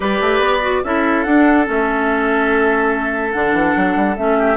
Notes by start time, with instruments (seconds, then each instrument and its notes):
0.00 bassoon G3, clarinet G4, oboe B4, flute D5
0.21 bassoon A3
0.39 bassoon B3
0.61 clarinet F#4
0.83 bassoon C#4, clarinet E4, oboe A4, flute E5
1.23 bassoon D4, clarinet D4, flute F#5
1.65 bassoon A3, clarinet C#4, flute E5
3.32 bassoon D3, clarinet D4, flute F#5
3.53 bassoon E3
3.76 bassoon F#3
3.96 bassoon G3
4.16 bassoon A3, clarinet C#4, flute E5
4.38 oboe G4